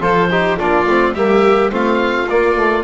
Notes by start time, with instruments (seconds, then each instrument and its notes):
0.00 double bass F3, trombone F4, violin A4, oboe C5
0.30 trombone D#4, violin G4
0.58 double bass A#3, trombone D4, violin F4, oboe D5
0.86 double bass A3, trombone C4
1.13 double bass G3, trombone A#3, violin G4, oboe E5
1.70 double bass A3, trombone C4, violin F4, oboe F5
2.28 double bass A#3, trombone A#3, oboe D5
2.56 trombone A3